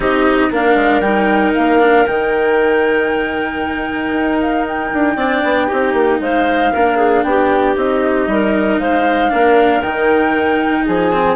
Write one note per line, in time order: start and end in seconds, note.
0.00 0.50 C4
0.00 0.51 D#4
0.00 0.50 G4
0.00 0.52 D#5
0.50 0.75 A#3
0.50 1.03 D4
0.50 5.15 A#4
0.50 1.00 F5
0.75 1.00 G#3
1.00 1.52 G3
1.00 1.79 D#4
1.00 1.52 G5
1.54 2.07 A#3
1.54 2.06 F5
1.79 2.05 D4
2.06 4.12 D#3
2.06 5.18 D#4
2.06 4.39 G5
4.12 4.90 D#4
4.40 4.66 F5
4.67 6.22 G5
4.93 5.16 D4
5.15 5.42 C4
5.15 5.68 D4
5.15 5.66 D5
5.43 5.69 B3
5.67 5.93 C4
5.67 6.72 D#4
5.67 6.18 G4
5.93 6.19 A#3
6.20 6.71 G#3
6.20 6.72 C5
6.20 7.23 F5
6.72 7.23 A#3
6.72 7.75 D4
6.72 6.96 A#4
6.96 7.22 G#4
7.23 7.75 B3
7.23 8.31 G4
7.23 7.75 G5
7.75 8.27 C4
7.75 9.28 D#4
7.75 8.79 D#5
8.27 8.79 G3
8.27 8.79 A#4
8.79 9.31 G#3
8.79 9.31 C5
8.79 9.81 F5
9.28 9.82 A#3
9.28 9.80 D4
9.28 10.85 A#4
9.81 10.85 D#3
9.81 11.12 D#4
9.81 10.85 G5
10.85 11.35 F3
10.85 11.35 G#4
10.85 11.35 G#5
11.12 11.35 C4